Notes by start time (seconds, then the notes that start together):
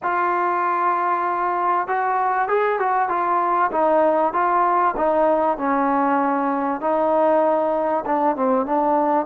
0.03 F4
1.87 F#4
2.48 G#4
2.79 F#4
3.08 F4
3.71 D#4
4.33 F4
4.97 D#4
5.57 C#4
6.80 D#4
8.05 D4
8.35 C4
8.66 D4